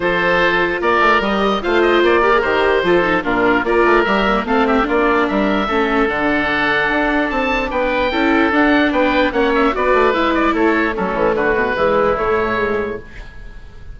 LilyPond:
<<
  \new Staff \with { instrumentName = "oboe" } { \time 4/4 \tempo 4 = 148 c''2 d''4 dis''4 | f''8 dis''8 d''4 c''2 | ais'4 d''4 e''4 f''8 e''8 | d''4 e''2 fis''4~ |
fis''2 a''4 g''4~ | g''4 fis''4 g''4 fis''8 e''8 | d''4 e''8 d''8 cis''4 a'4 | b'2 cis''2 | }
  \new Staff \with { instrumentName = "oboe" } { \time 4/4 a'2 ais'2 | c''4. ais'4. a'4 | f'4 ais'2 a'8 g'8 | f'4 ais'4 a'2~ |
a'2. b'4 | a'2 b'4 cis''4 | b'2 a'4 cis'4 | fis'4 e'2. | }
  \new Staff \with { instrumentName = "viola" } { \time 4/4 f'2. g'4 | f'4. g'16 gis'16 g'4 f'8 dis'8 | d'4 f'4 g'8 ais8 c'4 | d'2 cis'4 d'4~ |
d'1 | e'4 d'2 cis'4 | fis'4 e'2 a4~ | a4 gis4 a4 gis4 | }
  \new Staff \with { instrumentName = "bassoon" } { \time 4/4 f2 ais8 a8 g4 | a4 ais4 dis4 f4 | ais,4 ais8 a8 g4 a4 | ais4 g4 a4 d4~ |
d4 d'4 c'4 b4 | cis'4 d'4 b4 ais4 | b8 a8 gis4 a4 fis8 e8 | d8 b,8 e4 a,2 | }
>>